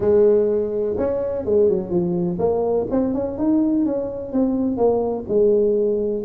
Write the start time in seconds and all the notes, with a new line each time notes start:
0.00 G#3
0.97 C#4
1.45 G#3
1.69 F#3
1.90 F3
2.38 A#3
2.90 C4
3.14 C#4
3.37 D#4
3.85 C#4
4.32 C4
4.77 A#3
5.28 G#3